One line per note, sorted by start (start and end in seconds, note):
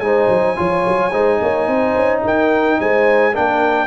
0.00 0.28 G#3
0.00 0.56 D#4
0.00 0.58 C5
0.00 2.20 G#5
0.28 0.56 F#3
0.56 0.87 F3
0.56 1.11 F4
0.56 1.12 C#5
0.88 1.13 F#3
1.12 1.41 G#3
1.12 3.33 D#4
1.12 1.40 C5
1.42 1.68 A#3
1.42 1.67 C#5
1.67 1.95 C4
1.67 2.22 C5
1.96 2.24 C#4
2.24 2.79 D#4
2.24 2.79 A#4
2.24 2.81 G5
2.80 3.35 G#3
2.80 3.35 C5
2.80 3.36 G#5
3.34 3.87 A#3
3.34 3.87 D4
3.34 3.87 A#4
3.34 3.87 G5